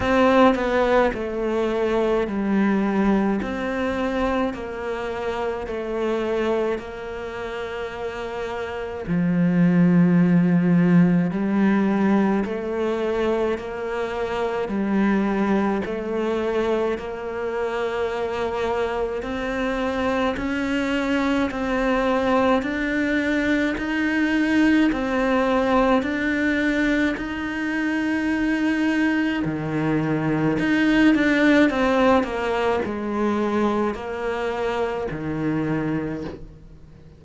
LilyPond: \new Staff \with { instrumentName = "cello" } { \time 4/4 \tempo 4 = 53 c'8 b8 a4 g4 c'4 | ais4 a4 ais2 | f2 g4 a4 | ais4 g4 a4 ais4~ |
ais4 c'4 cis'4 c'4 | d'4 dis'4 c'4 d'4 | dis'2 dis4 dis'8 d'8 | c'8 ais8 gis4 ais4 dis4 | }